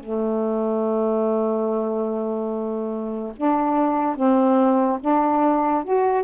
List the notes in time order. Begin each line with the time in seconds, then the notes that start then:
0.00 A3
3.37 D4
4.16 C4
5.01 D4
5.84 F#4